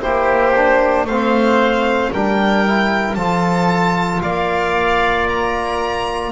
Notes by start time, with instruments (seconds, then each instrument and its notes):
0.00 double bass A#3, trombone E4, oboe G4, violin C5
0.56 trombone D4
1.04 double bass A3, trombone C4, oboe C5, violin F5
2.12 double bass G3, trombone D4, oboe A#4, violin G5
2.66 trombone E4
3.15 double bass F3, trombone F4, oboe A4, violin A5
4.22 double bass A#3, oboe D5, violin F5
5.29 violin A#5